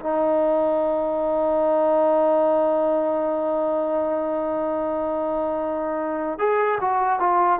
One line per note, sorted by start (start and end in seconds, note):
0.00 6.39 D#4
6.39 6.79 G#4
6.81 7.20 F#4
7.20 7.60 F4